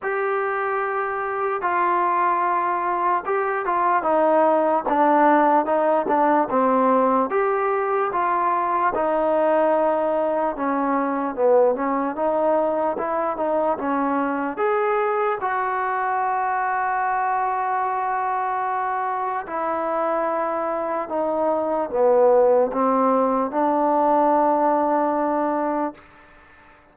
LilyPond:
\new Staff \with { instrumentName = "trombone" } { \time 4/4 \tempo 4 = 74 g'2 f'2 | g'8 f'8 dis'4 d'4 dis'8 d'8 | c'4 g'4 f'4 dis'4~ | dis'4 cis'4 b8 cis'8 dis'4 |
e'8 dis'8 cis'4 gis'4 fis'4~ | fis'1 | e'2 dis'4 b4 | c'4 d'2. | }